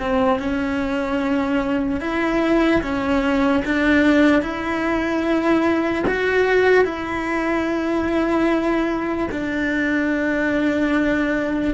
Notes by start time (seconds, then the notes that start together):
0.00 C4
0.39 C#4
2.01 E4
2.82 C#4
3.65 D4
4.42 E4
6.08 F#4
6.85 E4
9.32 D4